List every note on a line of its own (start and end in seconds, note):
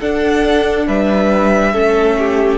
0.00 1.74 D4
0.00 0.88 D4
0.00 0.87 A4
0.00 0.88 F#5
0.88 1.74 G3
0.88 1.73 B4
0.88 2.58 E5
1.73 2.58 A3
1.73 2.58 C#4
1.73 2.17 A4
2.19 2.58 G4